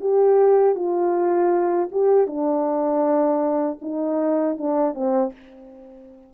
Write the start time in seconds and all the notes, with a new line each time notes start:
0.00 G4
0.75 F4
1.91 G4
2.26 D4
3.81 D#4
4.57 D4
4.94 C4